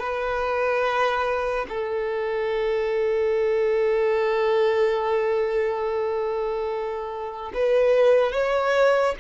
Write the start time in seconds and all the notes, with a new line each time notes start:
0.00 B4
1.69 A4
7.55 B4
8.33 C#5